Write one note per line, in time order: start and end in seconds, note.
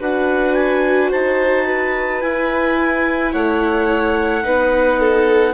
0.00 1.12 D4
0.00 2.22 F#4
0.00 1.11 B4
0.00 0.54 F#5
0.54 1.10 G#5
1.11 2.23 D#4
1.11 1.66 C5
1.11 2.22 A5
1.66 3.33 B4
2.22 4.43 E4
2.22 3.34 E4
2.22 3.33 G#5
3.33 4.45 A3
3.33 4.44 C#5
3.33 5.54 F#5
4.43 5.54 B3
4.43 5.54 D#4
4.43 5.00 B4
5.00 5.54 A4